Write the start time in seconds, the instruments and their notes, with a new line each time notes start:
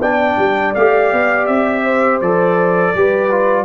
0.00 tuba B3, trombone D4, horn D5, trumpet G5
0.38 tuba G3
0.75 tuba A3, trombone G4, trumpet F5
1.13 tuba B3
1.47 tuba C4, trumpet E5
1.85 horn C5
2.21 tuba F3, trombone A4, trumpet D5
2.95 tuba G3, trombone G4, horn B4
3.31 trombone F4